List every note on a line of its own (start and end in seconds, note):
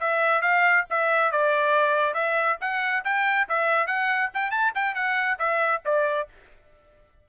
0.00 0.42 E5
0.42 0.85 F5
0.90 1.31 E5
1.31 2.14 D5
2.14 2.57 E5
2.61 3.04 F#5
3.04 3.47 G5
3.48 3.87 E5
3.87 4.30 F#5
4.34 4.50 G5
4.50 4.72 A5
4.75 4.95 G5
4.95 5.38 F#5
5.39 5.82 E5
5.85 6.28 D5